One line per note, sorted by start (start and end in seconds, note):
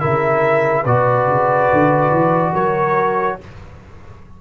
0.00 0.85 C#3
0.00 0.85 E4
0.00 0.83 A#4
0.00 0.85 E5
0.83 1.26 B2
0.83 3.41 F#4
0.83 2.52 B4
0.83 2.54 D5
1.26 1.69 C#3
1.73 2.11 D3
2.11 2.53 E3
2.53 3.38 F#3
2.53 3.37 A#4
2.53 3.39 C#5